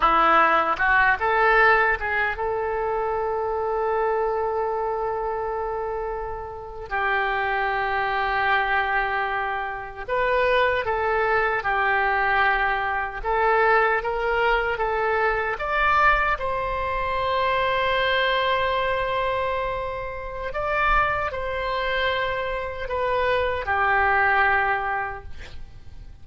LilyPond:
\new Staff \with { instrumentName = "oboe" } { \time 4/4 \tempo 4 = 76 e'4 fis'8 a'4 gis'8 a'4~ | a'1~ | a'8. g'2.~ g'16~ | g'8. b'4 a'4 g'4~ g'16~ |
g'8. a'4 ais'4 a'4 d''16~ | d''8. c''2.~ c''16~ | c''2 d''4 c''4~ | c''4 b'4 g'2 | }